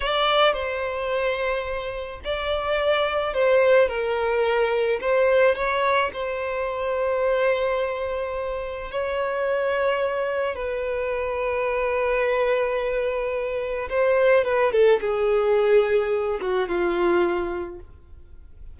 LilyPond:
\new Staff \with { instrumentName = "violin" } { \time 4/4 \tempo 4 = 108 d''4 c''2. | d''2 c''4 ais'4~ | ais'4 c''4 cis''4 c''4~ | c''1 |
cis''2. b'4~ | b'1~ | b'4 c''4 b'8 a'8 gis'4~ | gis'4. fis'8 f'2 | }